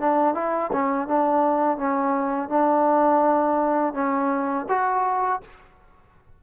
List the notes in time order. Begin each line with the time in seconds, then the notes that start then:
0.00 D4
0.35 E4
0.73 C#4
1.08 D4
1.78 C#4
2.49 D4
3.94 C#4
4.69 F#4